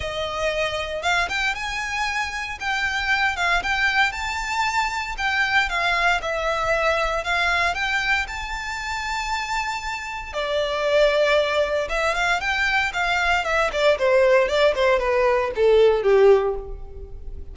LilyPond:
\new Staff \with { instrumentName = "violin" } { \time 4/4 \tempo 4 = 116 dis''2 f''8 g''8 gis''4~ | gis''4 g''4. f''8 g''4 | a''2 g''4 f''4 | e''2 f''4 g''4 |
a''1 | d''2. e''8 f''8 | g''4 f''4 e''8 d''8 c''4 | d''8 c''8 b'4 a'4 g'4 | }